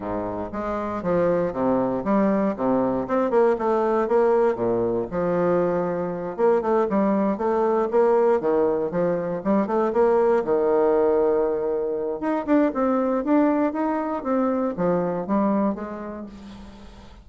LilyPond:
\new Staff \with { instrumentName = "bassoon" } { \time 4/4 \tempo 4 = 118 gis,4 gis4 f4 c4 | g4 c4 c'8 ais8 a4 | ais4 ais,4 f2~ | f8 ais8 a8 g4 a4 ais8~ |
ais8 dis4 f4 g8 a8 ais8~ | ais8 dis2.~ dis8 | dis'8 d'8 c'4 d'4 dis'4 | c'4 f4 g4 gis4 | }